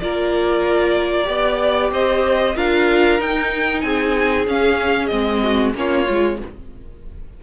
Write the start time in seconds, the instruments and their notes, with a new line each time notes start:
0.00 cello A#3, viola F4, violin A#4 D5
1.25 cello B3, viola G4, violin D5
1.91 cello C4, violin C5 D#5
2.56 cello D4, viola F4, violin A#4 F5
3.19 viola D#4, cello D#4, violin G5
3.81 cello C4, violin G#4 G#5
4.47 cello C#4, viola C#4, violin F5
5.07 cello G#3, viola C4, violin D#5
5.42 violin F#4
5.75 cello A#3, viola C#4, violin F4 C#5
6.05 cello G#3, viola F4